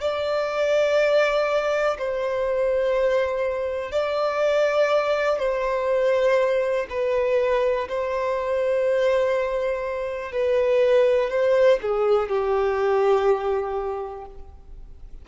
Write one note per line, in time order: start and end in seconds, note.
0.00 1.97 D5
1.99 3.91 C5
3.91 5.39 D5
5.39 6.86 C5
6.89 7.88 B4
7.88 10.32 C5
10.32 11.30 B4
11.30 11.79 C5
11.82 12.29 G#4
12.29 14.25 G4